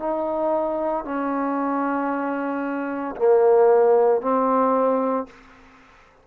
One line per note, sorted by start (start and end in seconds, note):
0.00 1.05 D#4
1.05 3.16 C#4
3.16 4.22 A#3
4.22 5.27 C4